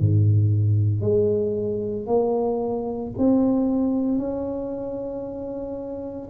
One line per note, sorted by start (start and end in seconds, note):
0.00 1.01 G#2
1.01 2.07 G#3
2.07 3.12 A#3
3.18 4.18 C4
4.18 6.29 C#4